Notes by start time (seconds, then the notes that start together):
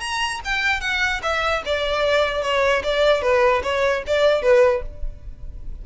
0.00 A#5
0.45 G5
0.81 F#5
1.22 E5
1.65 D5
2.42 C#5
2.83 D5
3.22 B4
3.63 C#5
4.07 D5
4.42 B4